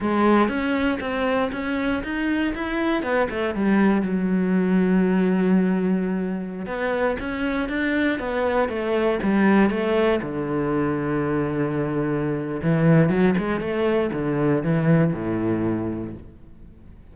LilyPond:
\new Staff \with { instrumentName = "cello" } { \time 4/4 \tempo 4 = 119 gis4 cis'4 c'4 cis'4 | dis'4 e'4 b8 a8 g4 | fis1~ | fis4~ fis16 b4 cis'4 d'8.~ |
d'16 b4 a4 g4 a8.~ | a16 d2.~ d8.~ | d4 e4 fis8 gis8 a4 | d4 e4 a,2 | }